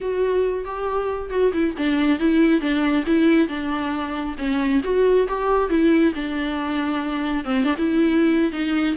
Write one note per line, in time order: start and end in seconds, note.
0.00 0.65 F#4
0.65 1.30 G4
1.30 1.51 F#4
1.52 1.74 E4
1.77 2.19 D4
2.19 2.60 E4
2.60 3.04 D4
3.06 3.47 E4
3.47 4.35 D4
4.38 4.81 C#4
4.83 5.27 F#4
5.28 5.69 G4
5.69 6.13 E4
6.15 7.44 D4
7.44 7.64 C4
7.64 7.75 D4
7.77 8.51 E4
8.51 8.95 D#4